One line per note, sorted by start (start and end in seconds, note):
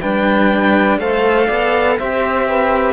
0.00 0.98 G3
0.00 1.00 D4
0.00 0.98 B4
0.00 0.98 G5
0.98 1.48 A3
0.98 1.98 A4
0.98 1.46 C5
0.98 1.98 F5
1.46 1.99 B3
1.46 1.95 D5
1.98 2.93 C4
1.98 2.93 G4
1.98 2.46 C5
1.98 2.93 E5
2.46 2.93 B4